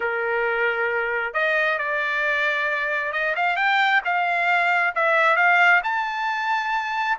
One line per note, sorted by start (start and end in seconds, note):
0.00 1.33 A#4
1.33 1.78 D#5
1.78 3.12 D5
3.12 3.35 D#5
3.35 3.56 F5
3.56 4.01 G5
4.04 4.94 F5
4.95 5.36 E5
5.36 5.81 F5
5.83 7.18 A5